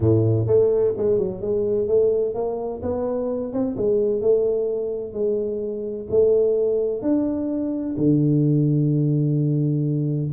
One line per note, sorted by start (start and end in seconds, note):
0.00 0.46 A2
0.46 0.93 A3
0.97 1.18 G#3
1.18 1.41 F#3
1.41 1.87 G#3
1.87 2.34 A3
2.34 2.81 A#3
2.82 3.52 B3
3.52 3.76 C4
3.76 4.21 G#3
4.21 5.13 A3
5.13 6.07 G#3
6.10 7.01 A3
7.01 7.95 D4
7.97 10.31 D3